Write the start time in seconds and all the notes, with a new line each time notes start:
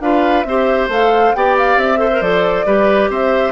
0.00 D4 F4 B4 F5
0.43 C4 G4 C5 E5
0.88 A3 A4 F5
1.34 B3 G4 D5 G5
1.57 F5
1.76 C4 E5
1.97 A4 C5
2.11 A#4
2.21 F3 A4 D5
2.65 G3 G4 B4
3.09 C4 C5 E5